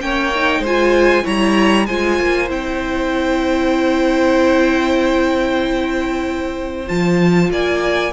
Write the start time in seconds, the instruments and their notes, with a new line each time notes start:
0.00 cello A#3, viola C#4, violin C#5 G5
0.35 viola D#4
0.60 cello G#3, violin C5
0.66 viola F4, violin G#5
1.23 cello G3, viola E4, violin C#5 A#5
1.86 cello G#3, viola F4, violin C5 G#5
2.19 cello A#3
2.48 cello C4, viola E4, violin G5
6.86 cello F3, viola F4, violin A5
7.50 cello A#3, violin D5 G#5